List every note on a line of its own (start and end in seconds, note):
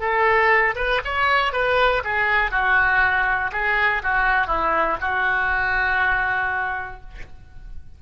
0.00 0.75 A4
0.76 1.01 B4
1.05 1.53 C#5
1.53 2.03 B4
2.05 2.52 G#4
2.52 3.52 F#4
3.53 4.03 G#4
4.03 4.47 F#4
4.47 4.97 E4
5.01 7.01 F#4